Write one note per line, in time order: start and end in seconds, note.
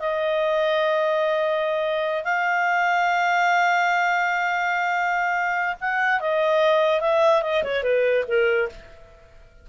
0.00 2.25 D#5
2.25 5.76 F5
5.81 6.21 F#5
6.21 7.01 D#5
7.01 7.43 E5
7.43 7.63 D#5
7.64 7.83 C#5
7.83 8.25 B4
8.28 8.70 A#4